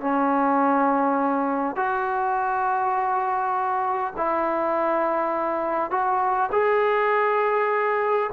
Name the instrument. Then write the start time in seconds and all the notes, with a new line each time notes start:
trombone
0.00 C#4
1.76 F#4
4.17 E4
5.90 F#4
6.52 G#4